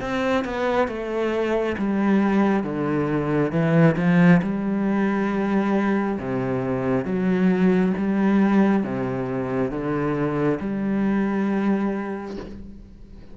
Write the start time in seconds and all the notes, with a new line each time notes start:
0.00 C4
0.44 B3
0.87 A3
1.78 G3
2.63 D3
3.51 E3
3.96 F3
4.42 G3
6.19 C3
7.05 F#3
7.97 G3
8.83 C3
9.71 D3
10.60 G3